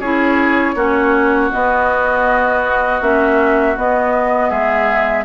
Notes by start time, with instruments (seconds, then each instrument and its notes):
0.00 bassoon C#4, clarinet E4, oboe G#4, flute C#5
0.75 bassoon A#3, clarinet C#4, oboe F#4
1.51 clarinet B3, bassoon B3, flute D#5
3.01 bassoon A#3, clarinet C#4, flute E5
3.77 clarinet B3, bassoon B3, flute D#5
4.50 bassoon G#3, oboe G#4, flute E5